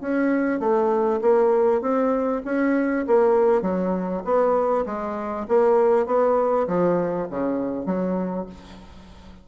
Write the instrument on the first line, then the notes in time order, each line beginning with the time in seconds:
bassoon
0.00 C#4
0.59 A3
1.21 A#3
1.81 C4
2.45 C#4
3.07 A#3
3.62 F#3
4.24 B3
4.86 G#3
5.48 A#3
6.06 B3
6.67 F3
7.30 C#3
7.85 F#3